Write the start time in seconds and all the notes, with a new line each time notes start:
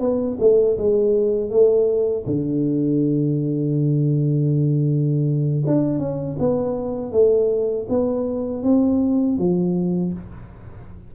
0.00 B3
0.40 A3
0.78 G#3
1.50 A3
2.26 D3
5.67 D4
5.99 C#4
6.39 B3
7.12 A3
7.89 B3
8.63 C4
9.38 F3